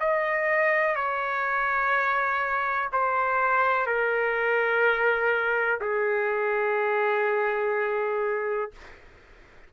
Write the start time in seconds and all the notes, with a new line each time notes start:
0.00 D#5
0.95 C#5
2.92 C5
3.86 A#4
5.81 G#4